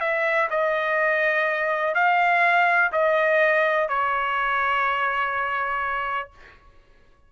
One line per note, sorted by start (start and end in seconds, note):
0.00 0.48 E5
0.50 1.94 D#5
1.94 2.91 F5
2.92 3.88 D#5
3.88 6.30 C#5